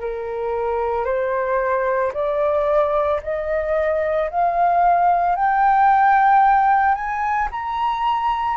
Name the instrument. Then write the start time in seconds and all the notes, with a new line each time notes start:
flute
0.00 A#4
1.05 C5
2.13 D5
3.22 D#5
4.30 F5
5.35 G5
6.94 G#5
7.51 A#5